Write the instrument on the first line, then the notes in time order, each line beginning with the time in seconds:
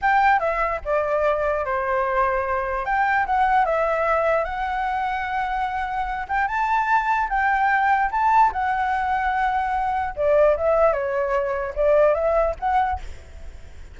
flute
0.01 G5
0.39 E5
0.84 D5
1.65 C5
2.85 G5
3.26 F#5
3.65 E5
4.44 F#5
6.28 G5
6.47 A5
7.29 G5
8.11 A5
8.52 F#5
10.16 D5
10.56 E5
10.93 C#5
11.75 D5
12.14 E5
12.59 F#5